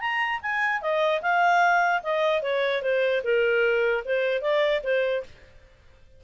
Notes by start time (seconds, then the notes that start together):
0.00 A#5
0.42 G#5
0.81 D#5
1.21 F5
2.03 D#5
2.42 C#5
2.82 C5
3.23 A#4
4.05 C5
4.41 D5
4.83 C5